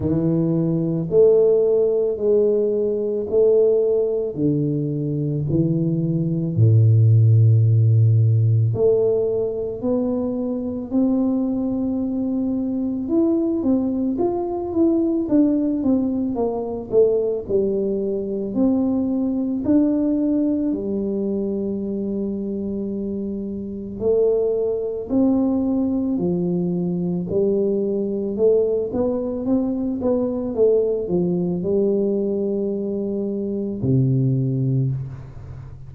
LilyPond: \new Staff \with { instrumentName = "tuba" } { \time 4/4 \tempo 4 = 55 e4 a4 gis4 a4 | d4 e4 a,2 | a4 b4 c'2 | e'8 c'8 f'8 e'8 d'8 c'8 ais8 a8 |
g4 c'4 d'4 g4~ | g2 a4 c'4 | f4 g4 a8 b8 c'8 b8 | a8 f8 g2 c4 | }